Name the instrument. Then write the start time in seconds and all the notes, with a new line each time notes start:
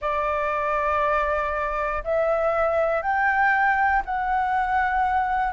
flute
0.01 D5
2.04 E5
3.02 G5
4.05 F#5